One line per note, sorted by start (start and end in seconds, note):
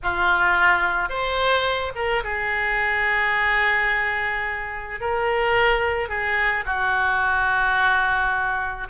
0.02 1.09 F4
1.09 1.92 C5
1.95 2.23 A#4
2.23 5.00 G#4
5.00 6.08 A#4
6.08 6.64 G#4
6.65 8.87 F#4